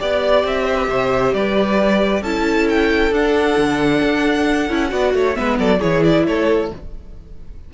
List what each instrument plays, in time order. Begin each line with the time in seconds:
0.00 cello B3, viola G4, violin D5
0.45 cello C4, violin E5
0.65 violin C5
0.76 violin B4
0.88 cello C3, violin C5
1.34 cello G3, violin B4 D5
2.22 cello C#4, viola E4, violin A4 A5
2.70 violin G5
3.12 cello D4, viola D4, violin F#5
3.58 cello D3
4.03 cello D4
4.70 cello C#4, viola E4
4.89 cello B3, viola F#4, violin D5
5.14 cello A3, violin C#5
5.35 cello G#3, viola B3, violin B4 E5
5.59 cello F#3, violin A4 D5
5.80 cello E3, viola E4, violin G#4 C#5
6.04 violin D5
6.27 cello A3, violin A4 C#5